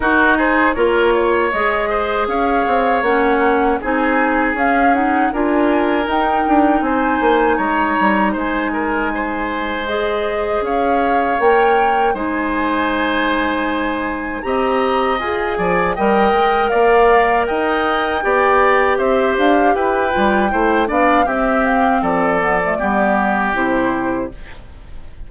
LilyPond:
<<
  \new Staff \with { instrumentName = "flute" } { \time 4/4 \tempo 4 = 79 ais'8 c''8 cis''4 dis''4 f''4 | fis''4 gis''4 f''8 fis''8 gis''4 | g''4 gis''4 ais''4 gis''4~ | gis''4 dis''4 f''4 g''4 |
gis''2. ais''4 | gis''4 g''4 f''4 g''4~ | g''4 e''8 f''8 g''4. f''8 | e''8 f''8 d''2 c''4 | }
  \new Staff \with { instrumentName = "oboe" } { \time 4/4 fis'8 gis'8 ais'8 cis''4 c''8 cis''4~ | cis''4 gis'2 ais'4~ | ais'4 c''4 cis''4 c''8 ais'8 | c''2 cis''2 |
c''2. dis''4~ | dis''8 d''8 dis''4 d''4 dis''4 | d''4 c''4 b'4 c''8 d''8 | g'4 a'4 g'2 | }
  \new Staff \with { instrumentName = "clarinet" } { \time 4/4 dis'4 f'4 gis'2 | cis'4 dis'4 cis'8 dis'8 f'4 | dis'1~ | dis'4 gis'2 ais'4 |
dis'2. g'4 | gis'4 ais'2. | g'2~ g'8 f'8 e'8 d'8 | c'4. b16 a16 b4 e'4 | }
  \new Staff \with { instrumentName = "bassoon" } { \time 4/4 dis'4 ais4 gis4 cis'8 c'8 | ais4 c'4 cis'4 d'4 | dis'8 d'8 c'8 ais8 gis8 g8 gis4~ | gis2 cis'4 ais4 |
gis2. c'4 | f'8 f8 g8 gis8 ais4 dis'4 | b4 c'8 d'8 e'8 g8 a8 b8 | c'4 f4 g4 c4 | }
>>